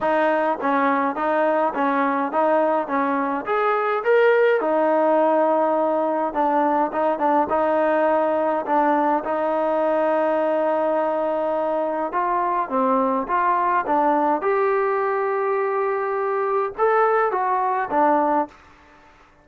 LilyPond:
\new Staff \with { instrumentName = "trombone" } { \time 4/4 \tempo 4 = 104 dis'4 cis'4 dis'4 cis'4 | dis'4 cis'4 gis'4 ais'4 | dis'2. d'4 | dis'8 d'8 dis'2 d'4 |
dis'1~ | dis'4 f'4 c'4 f'4 | d'4 g'2.~ | g'4 a'4 fis'4 d'4 | }